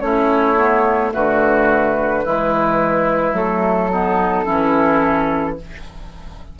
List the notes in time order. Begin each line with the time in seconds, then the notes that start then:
0.00 A3 C#4 E4 C#5
0.56 B3
1.11 D3 A3 F#4 B4
2.24 E3 G#3 E4
3.32 F#3 A3 A4
3.91 B3 D#4
4.44 E3 C#4 E4